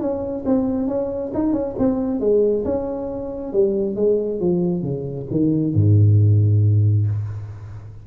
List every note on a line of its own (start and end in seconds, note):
0.00 0.44 C#4
0.46 0.88 C4
0.88 1.32 C#4
1.34 1.53 D#4
1.53 1.75 C#4
1.78 2.20 C4
2.20 2.64 G#3
2.65 3.53 C#4
3.53 3.96 G3
3.96 4.40 G#3
4.40 4.82 F3
4.82 5.26 C#3
5.31 5.74 D#3
5.74 7.07 G#2